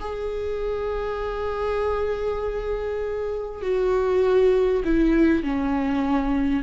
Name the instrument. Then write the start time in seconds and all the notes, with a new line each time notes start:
viola
0.00 G#4
3.62 F#4
4.85 E4
5.43 C#4